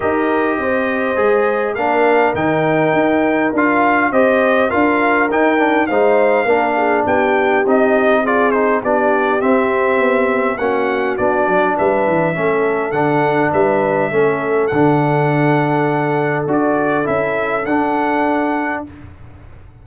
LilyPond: <<
  \new Staff \with { instrumentName = "trumpet" } { \time 4/4 \tempo 4 = 102 dis''2. f''4 | g''2 f''4 dis''4 | f''4 g''4 f''2 | g''4 dis''4 d''8 c''8 d''4 |
e''2 fis''4 d''4 | e''2 fis''4 e''4~ | e''4 fis''2. | d''4 e''4 fis''2 | }
  \new Staff \with { instrumentName = "horn" } { \time 4/4 ais'4 c''2 ais'4~ | ais'2. c''4 | ais'2 c''4 ais'8 gis'8 | g'2 gis'4 g'4~ |
g'2 fis'2 | b'4 a'2 b'4 | a'1~ | a'1 | }
  \new Staff \with { instrumentName = "trombone" } { \time 4/4 g'2 gis'4 d'4 | dis'2 f'4 g'4 | f'4 dis'8 d'8 dis'4 d'4~ | d'4 dis'4 f'8 dis'8 d'4 |
c'2 cis'4 d'4~ | d'4 cis'4 d'2 | cis'4 d'2. | fis'4 e'4 d'2 | }
  \new Staff \with { instrumentName = "tuba" } { \time 4/4 dis'4 c'4 gis4 ais4 | dis4 dis'4 d'4 c'4 | d'4 dis'4 gis4 ais4 | b4 c'2 b4 |
c'4 b4 ais4 b8 fis8 | g8 e8 a4 d4 g4 | a4 d2. | d'4 cis'4 d'2 | }
>>